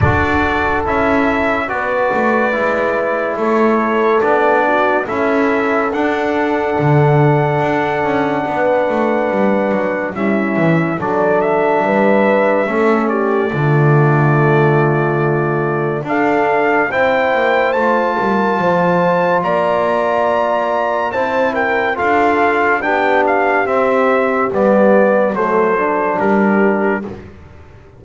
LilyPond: <<
  \new Staff \with { instrumentName = "trumpet" } { \time 4/4 \tempo 4 = 71 d''4 e''4 d''2 | cis''4 d''4 e''4 fis''4~ | fis''1 | e''4 d''8 e''2 d''8~ |
d''2. f''4 | g''4 a''2 ais''4~ | ais''4 a''8 g''8 f''4 g''8 f''8 | e''4 d''4 c''4 ais'4 | }
  \new Staff \with { instrumentName = "horn" } { \time 4/4 a'2 b'2 | a'4. fis'8 a'2~ | a'2 b'2 | e'4 a'4 b'4 a'8 g'8 |
f'2. a'4 | c''4. ais'8 c''4 d''4~ | d''4 c''8 ais'8 a'4 g'4~ | g'2 a'4 g'4 | }
  \new Staff \with { instrumentName = "trombone" } { \time 4/4 fis'4 e'4 fis'4 e'4~ | e'4 d'4 e'4 d'4~ | d'1 | cis'4 d'2 cis'4 |
a2. d'4 | e'4 f'2.~ | f'4 e'4 f'4 d'4 | c'4 b4 a8 d'4. | }
  \new Staff \with { instrumentName = "double bass" } { \time 4/4 d'4 cis'4 b8 a8 gis4 | a4 b4 cis'4 d'4 | d4 d'8 cis'8 b8 a8 g8 fis8 | g8 e8 fis4 g4 a4 |
d2. d'4 | c'8 ais8 a8 g8 f4 ais4~ | ais4 c'4 d'4 b4 | c'4 g4 fis4 g4 | }
>>